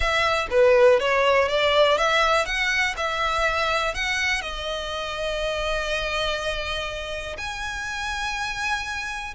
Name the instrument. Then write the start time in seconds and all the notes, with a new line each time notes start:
violin
0.00 E5
0.50 B4
0.99 C#5
1.48 D5
1.97 E5
2.45 F#5
2.96 E5
3.94 F#5
4.41 D#5
7.37 G#5